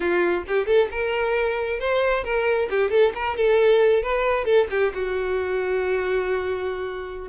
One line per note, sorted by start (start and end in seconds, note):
0.00 0.44 F4
0.47 0.66 G4
0.66 0.89 A4
0.91 1.79 A#4
1.79 2.24 C5
2.24 2.68 A#4
2.69 2.90 G4
2.90 3.12 A4
3.14 3.36 A#4
3.36 4.02 A4
4.02 4.45 B4
4.45 4.67 A4
4.70 4.93 G4
4.94 7.28 F#4